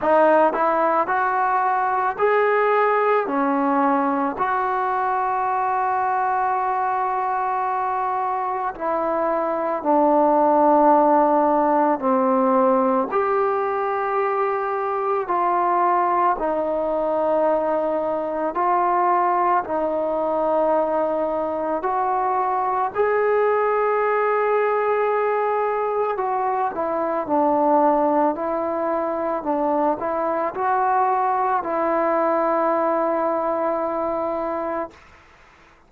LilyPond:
\new Staff \with { instrumentName = "trombone" } { \time 4/4 \tempo 4 = 55 dis'8 e'8 fis'4 gis'4 cis'4 | fis'1 | e'4 d'2 c'4 | g'2 f'4 dis'4~ |
dis'4 f'4 dis'2 | fis'4 gis'2. | fis'8 e'8 d'4 e'4 d'8 e'8 | fis'4 e'2. | }